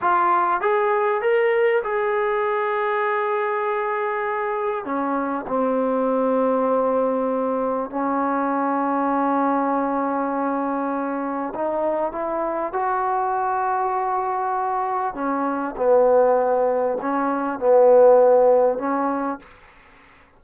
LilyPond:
\new Staff \with { instrumentName = "trombone" } { \time 4/4 \tempo 4 = 99 f'4 gis'4 ais'4 gis'4~ | gis'1 | cis'4 c'2.~ | c'4 cis'2.~ |
cis'2. dis'4 | e'4 fis'2.~ | fis'4 cis'4 b2 | cis'4 b2 cis'4 | }